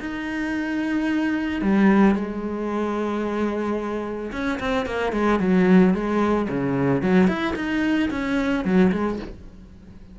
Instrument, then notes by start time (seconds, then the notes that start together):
cello
0.00 D#4
1.62 G3
2.15 G#3
4.32 C#4
4.60 C4
4.86 A#3
5.13 G#3
5.40 F#3
5.94 G#3
6.49 C#3
7.02 F#3
7.28 E4
7.56 D#4
8.11 C#4
8.65 F#3
8.92 G#3